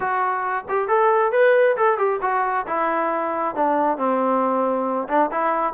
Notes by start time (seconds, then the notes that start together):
0.00 F#4
0.68 G4
0.88 A4
1.32 B4
1.76 A4
1.98 G4
2.21 F#4
2.67 E4
3.55 D4
3.97 C4
5.08 D4
5.31 E4